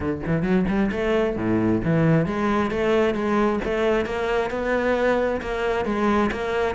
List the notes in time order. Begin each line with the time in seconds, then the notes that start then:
0.00 D3
0.26 E3
0.42 F#3
0.68 G3
0.91 A3
1.36 A2
1.84 E3
2.26 G#3
2.70 A3
3.14 G#3
3.64 A3
4.05 A#3
4.50 B3
5.41 A#3
5.85 G#3
6.31 A#3